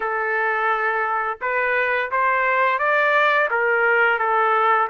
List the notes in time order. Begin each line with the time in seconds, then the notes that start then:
0.00 A4
1.41 B4
2.11 C5
2.78 D5
3.50 A#4
4.18 A4